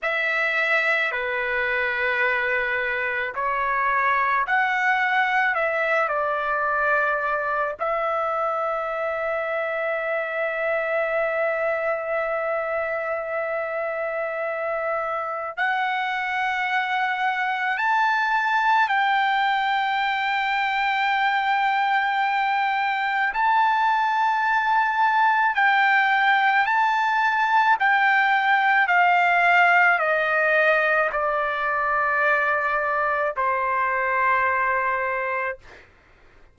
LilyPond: \new Staff \with { instrumentName = "trumpet" } { \time 4/4 \tempo 4 = 54 e''4 b'2 cis''4 | fis''4 e''8 d''4. e''4~ | e''1~ | e''2 fis''2 |
a''4 g''2.~ | g''4 a''2 g''4 | a''4 g''4 f''4 dis''4 | d''2 c''2 | }